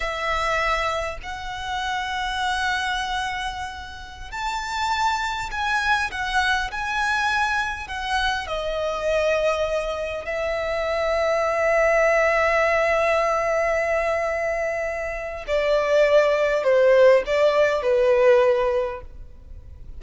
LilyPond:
\new Staff \with { instrumentName = "violin" } { \time 4/4 \tempo 4 = 101 e''2 fis''2~ | fis''2.~ fis''16 a''8.~ | a''4~ a''16 gis''4 fis''4 gis''8.~ | gis''4~ gis''16 fis''4 dis''4.~ dis''16~ |
dis''4~ dis''16 e''2~ e''8.~ | e''1~ | e''2 d''2 | c''4 d''4 b'2 | }